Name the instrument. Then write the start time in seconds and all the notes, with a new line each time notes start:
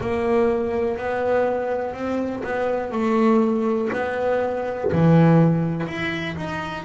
double bass
0.00 A#3
0.97 B3
1.93 C4
2.43 B3
2.92 A3
3.93 B3
4.92 E3
5.87 E4
6.36 D#4